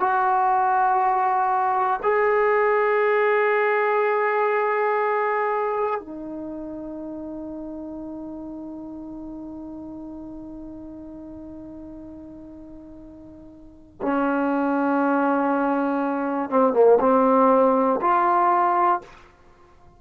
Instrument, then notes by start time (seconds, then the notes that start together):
trombone
0.00 F#4
2.03 G#4
6.00 D#4
14.02 C#4
16.50 C4
16.73 A#3
17.00 C4
18.01 F4